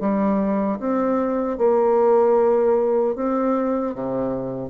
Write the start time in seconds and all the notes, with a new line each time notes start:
0.00 G3
0.79 C4
1.58 A#3
3.15 C4
3.94 C3